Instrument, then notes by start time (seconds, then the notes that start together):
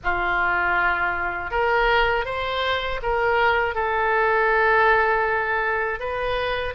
oboe
0.03 F4
1.50 A#4
2.25 C5
3.02 A#4
3.75 A4
5.99 B4